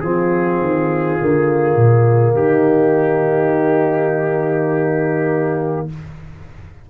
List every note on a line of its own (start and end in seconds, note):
0.00 0.61 F3
0.00 1.19 C4
0.00 2.37 F4
0.00 2.35 G#4
0.61 1.20 D#3
1.19 1.75 D3
1.19 5.89 A#3
1.75 2.34 A#2
2.35 5.87 D#3
2.35 5.90 D#4
2.35 5.88 G4